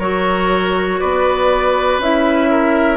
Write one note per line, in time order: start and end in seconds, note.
0.00 1.00 F#3
0.00 2.01 F#4
0.00 1.00 A#4
0.00 1.00 C#5
1.00 1.99 B3
1.00 2.50 B4
1.00 2.00 D5
1.99 2.97 C#4
1.99 2.97 E4
1.99 2.97 E5
2.51 2.97 A#4